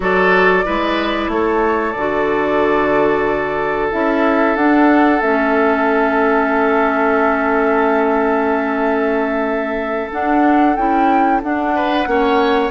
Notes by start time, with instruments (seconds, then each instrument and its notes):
0.00 bassoon F#3, clarinet F#4, oboe A4, flute D5
0.63 bassoon G#3, clarinet E4, oboe B4
1.28 bassoon A3, oboe A4, flute C#5
1.92 bassoon D3, clarinet F#4, flute D5
3.91 bassoon C#4, clarinet E4, flute E5
4.56 bassoon D4, clarinet D4, flute F#5
5.21 bassoon A3, clarinet C#4, flute E5
10.10 clarinet D4, bassoon D4, flute F#5
10.75 bassoon C#4, clarinet E4, flute G5
11.43 bassoon D4, clarinet D4, flute F#5
11.75 oboe B4
12.05 bassoon A#3, clarinet C#4, oboe C#5